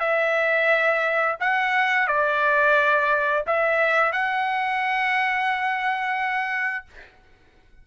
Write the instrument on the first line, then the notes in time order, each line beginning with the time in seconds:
trumpet
0.00 E5
1.40 F#5
2.07 D5
3.47 E5
4.12 F#5